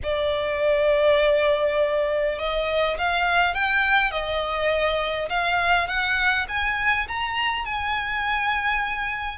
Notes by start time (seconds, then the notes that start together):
0.03 D5
2.38 D#5
2.97 F5
3.54 G5
4.11 D#5
5.29 F5
5.87 F#5
6.48 G#5
7.08 A#5
7.65 G#5